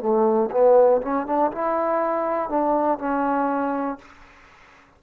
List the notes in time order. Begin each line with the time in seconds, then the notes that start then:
0.00 A3
0.51 B3
1.01 C#4
1.26 D4
1.52 E4
2.49 D4
2.98 C#4